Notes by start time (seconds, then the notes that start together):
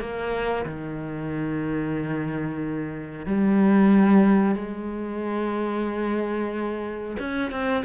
0.00 A#3
0.66 D#3
3.26 G3
4.55 G#3
7.19 C#4
7.51 C4